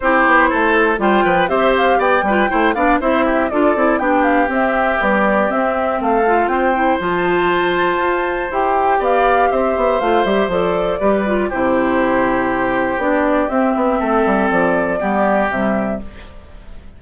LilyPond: <<
  \new Staff \with { instrumentName = "flute" } { \time 4/4 \tempo 4 = 120 c''2 g''4 e''8 f''8 | g''4. f''8 e''4 d''4 | g''8 f''8 e''4 d''4 e''4 | f''4 g''4 a''2~ |
a''4 g''4 f''4 e''4 | f''8 e''8 d''2 c''4~ | c''2 d''4 e''4~ | e''4 d''2 e''4 | }
  \new Staff \with { instrumentName = "oboe" } { \time 4/4 g'4 a'4 c''8 b'8 c''4 | d''8 b'8 c''8 d''8 c''8 g'8 a'4 | g'1 | a'4 c''2.~ |
c''2 d''4 c''4~ | c''2 b'4 g'4~ | g'1 | a'2 g'2 | }
  \new Staff \with { instrumentName = "clarinet" } { \time 4/4 e'2 f'4 g'4~ | g'8 f'8 e'8 d'8 e'4 f'8 e'8 | d'4 c'4 g4 c'4~ | c'8 f'4 e'8 f'2~ |
f'4 g'2. | f'8 g'8 a'4 g'8 f'8 e'4~ | e'2 d'4 c'4~ | c'2 b4 g4 | }
  \new Staff \with { instrumentName = "bassoon" } { \time 4/4 c'8 b8 a4 g8 f8 c'4 | b8 g8 a8 b8 c'4 d'8 c'8 | b4 c'4 b4 c'4 | a4 c'4 f2 |
f'4 e'4 b4 c'8 b8 | a8 g8 f4 g4 c4~ | c2 b4 c'8 b8 | a8 g8 f4 g4 c4 | }
>>